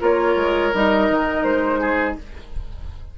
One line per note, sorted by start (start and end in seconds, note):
0.00 0.35 A#3
0.00 0.72 F4
0.00 1.80 A#4
0.00 0.74 C#5
0.35 0.71 G#3
0.73 1.09 G3
0.73 2.18 D#4
0.73 1.43 D#5
1.09 1.43 D#3
1.43 2.16 G#3
1.43 2.15 C5
1.80 2.16 G#4